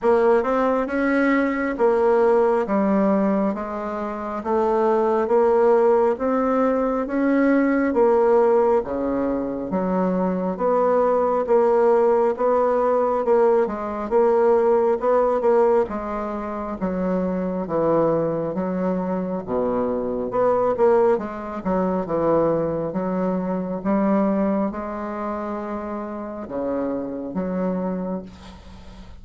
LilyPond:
\new Staff \with { instrumentName = "bassoon" } { \time 4/4 \tempo 4 = 68 ais8 c'8 cis'4 ais4 g4 | gis4 a4 ais4 c'4 | cis'4 ais4 cis4 fis4 | b4 ais4 b4 ais8 gis8 |
ais4 b8 ais8 gis4 fis4 | e4 fis4 b,4 b8 ais8 | gis8 fis8 e4 fis4 g4 | gis2 cis4 fis4 | }